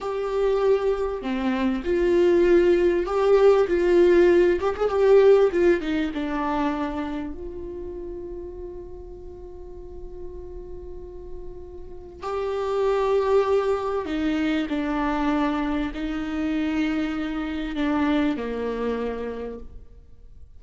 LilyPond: \new Staff \with { instrumentName = "viola" } { \time 4/4 \tempo 4 = 98 g'2 c'4 f'4~ | f'4 g'4 f'4. g'16 gis'16 | g'4 f'8 dis'8 d'2 | f'1~ |
f'1 | g'2. dis'4 | d'2 dis'2~ | dis'4 d'4 ais2 | }